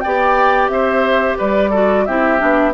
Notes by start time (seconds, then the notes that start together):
0.00 B3 D5 G5
0.06 G4
0.68 C4 C5 E5
1.38 G3 B4 D5
1.70 F#4 A4
2.05 C4 E4 G4 E5
2.38 B3 D4